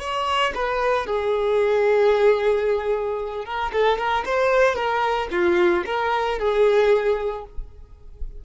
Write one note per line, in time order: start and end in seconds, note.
0.00 0.53 C#5
0.55 1.07 B4
1.07 3.46 G#4
3.46 3.72 A#4
3.73 3.98 A4
3.98 4.25 A#4
4.26 4.75 C5
4.75 5.29 A#4
5.32 5.85 F4
5.86 6.39 A#4
6.39 7.45 G#4